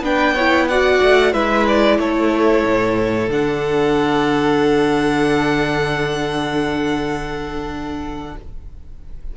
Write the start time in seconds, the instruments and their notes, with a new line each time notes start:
0.00 cello B3, viola D4, violin B4 G5
0.34 viola E4, violin C#5
0.68 viola F#4, violin D5 F#5
1.02 cello A3
1.32 cello G#3, viola E4, violin B4 E5
1.67 violin D5
1.99 cello A3, violin A4 C#5
2.65 cello A2
3.28 cello D3, viola D4, violin F#5